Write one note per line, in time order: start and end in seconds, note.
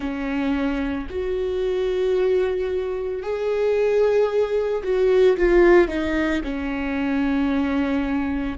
0.00 1.07 C#4
1.10 3.22 F#4
3.22 4.83 G#4
4.83 5.36 F#4
5.37 5.87 F4
5.87 6.41 D#4
6.43 8.58 C#4